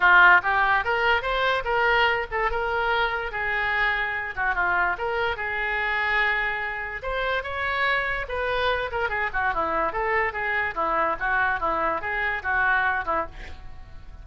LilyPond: \new Staff \with { instrumentName = "oboe" } { \time 4/4 \tempo 4 = 145 f'4 g'4 ais'4 c''4 | ais'4. a'8 ais'2 | gis'2~ gis'8 fis'8 f'4 | ais'4 gis'2.~ |
gis'4 c''4 cis''2 | b'4. ais'8 gis'8 fis'8 e'4 | a'4 gis'4 e'4 fis'4 | e'4 gis'4 fis'4. e'8 | }